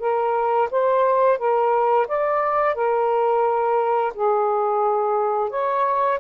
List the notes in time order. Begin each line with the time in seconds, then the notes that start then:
0.00 A#4
0.71 C5
1.38 A#4
2.08 D5
2.75 A#4
4.14 G#4
5.50 C#5